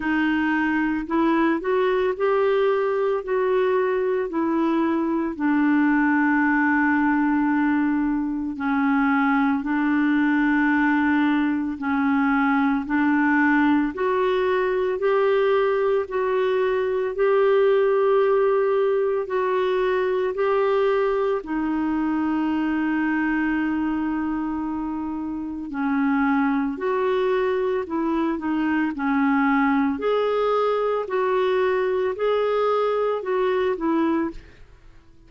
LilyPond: \new Staff \with { instrumentName = "clarinet" } { \time 4/4 \tempo 4 = 56 dis'4 e'8 fis'8 g'4 fis'4 | e'4 d'2. | cis'4 d'2 cis'4 | d'4 fis'4 g'4 fis'4 |
g'2 fis'4 g'4 | dis'1 | cis'4 fis'4 e'8 dis'8 cis'4 | gis'4 fis'4 gis'4 fis'8 e'8 | }